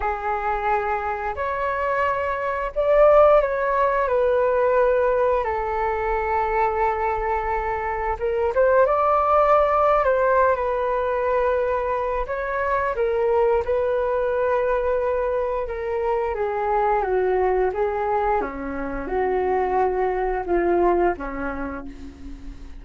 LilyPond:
\new Staff \with { instrumentName = "flute" } { \time 4/4 \tempo 4 = 88 gis'2 cis''2 | d''4 cis''4 b'2 | a'1 | ais'8 c''8 d''4.~ d''16 c''8. b'8~ |
b'2 cis''4 ais'4 | b'2. ais'4 | gis'4 fis'4 gis'4 cis'4 | fis'2 f'4 cis'4 | }